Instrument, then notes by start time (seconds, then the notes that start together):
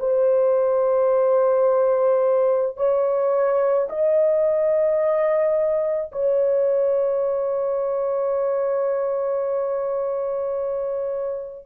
horn
0.00 C5
2.77 C#5
3.89 D#5
6.13 C#5